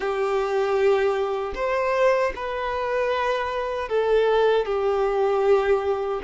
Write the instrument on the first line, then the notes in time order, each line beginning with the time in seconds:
violin
0.00 G4
1.54 C5
2.35 B4
3.88 A4
4.65 G4